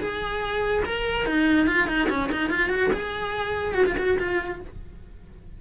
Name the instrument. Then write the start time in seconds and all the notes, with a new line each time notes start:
cello
0.00 G#4
0.85 A#4
1.26 D#4
1.67 F4
1.87 D#4
2.10 C#4
2.32 D#4
2.50 F4
2.70 F#4
2.94 G#4
3.75 F#4
3.86 F4
3.98 F#4
4.19 F4